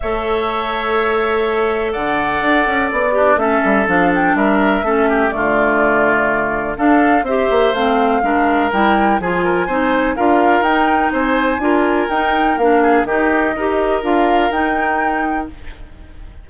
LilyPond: <<
  \new Staff \with { instrumentName = "flute" } { \time 4/4 \tempo 4 = 124 e''1 | fis''2 d''4 e''4 | f''8 g''8 e''2 d''4~ | d''2 f''4 e''4 |
f''2 g''4 gis''4~ | gis''4 f''4 g''4 gis''4~ | gis''4 g''4 f''4 dis''4~ | dis''4 f''4 g''2 | }
  \new Staff \with { instrumentName = "oboe" } { \time 4/4 cis''1 | d''2~ d''8 d'8 a'4~ | a'4 ais'4 a'8 g'8 f'4~ | f'2 a'4 c''4~ |
c''4 ais'2 gis'8 ais'8 | c''4 ais'2 c''4 | ais'2~ ais'8 gis'8 g'4 | ais'1 | }
  \new Staff \with { instrumentName = "clarinet" } { \time 4/4 a'1~ | a'2~ a'8 g'8 cis'4 | d'2 cis'4 a4~ | a2 d'4 g'4 |
c'4 d'4 e'4 f'4 | dis'4 f'4 dis'2 | f'4 dis'4 d'4 dis'4 | g'4 f'4 dis'2 | }
  \new Staff \with { instrumentName = "bassoon" } { \time 4/4 a1 | d4 d'8 cis'8 b4 a8 g8 | f4 g4 a4 d4~ | d2 d'4 c'8 ais8 |
a4 gis4 g4 f4 | c'4 d'4 dis'4 c'4 | d'4 dis'4 ais4 dis4 | dis'4 d'4 dis'2 | }
>>